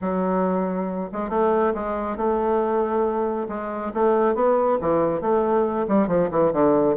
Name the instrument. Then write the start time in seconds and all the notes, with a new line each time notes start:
bassoon
0.01 F#3
1.12 G#3
1.29 A3
1.74 G#3
2.17 A3
3.48 G#3
3.93 A3
4.34 B3
4.80 E3
5.21 A3
5.88 G3
6.07 F3
6.30 E3
6.52 D3